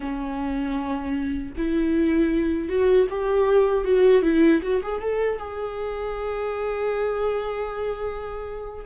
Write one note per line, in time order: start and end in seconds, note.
0.00 1.53 C#4
1.57 2.69 E4
2.69 3.07 F#4
3.10 3.84 G4
3.84 4.22 F#4
4.22 4.60 E4
4.62 4.81 F#4
4.83 5.01 G#4
5.01 5.38 A4
5.38 8.85 G#4